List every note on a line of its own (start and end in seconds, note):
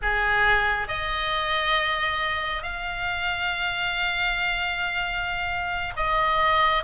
0.02 0.87 G#4
0.87 2.62 D#5
2.62 5.94 F5
5.96 6.83 D#5